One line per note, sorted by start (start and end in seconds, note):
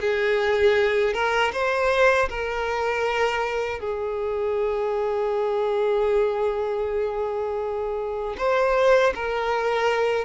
0.00 1.13 G#4
1.13 1.51 A#4
1.53 2.29 C5
2.29 3.80 A#4
3.80 8.35 G#4
8.37 9.13 C5
9.14 10.24 A#4